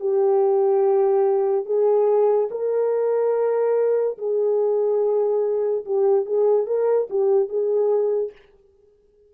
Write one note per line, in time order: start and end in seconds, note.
0.00 1.66 G4
1.66 2.49 G#4
2.51 4.18 A#4
4.18 5.85 G#4
5.85 6.26 G4
6.26 6.67 G#4
6.67 7.08 A#4
7.10 7.49 G4
7.49 8.33 G#4